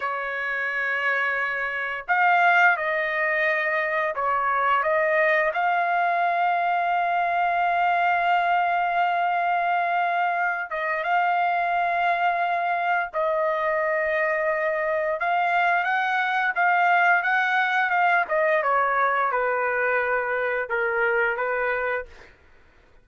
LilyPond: \new Staff \with { instrumentName = "trumpet" } { \time 4/4 \tempo 4 = 87 cis''2. f''4 | dis''2 cis''4 dis''4 | f''1~ | f''2.~ f''8 dis''8 |
f''2. dis''4~ | dis''2 f''4 fis''4 | f''4 fis''4 f''8 dis''8 cis''4 | b'2 ais'4 b'4 | }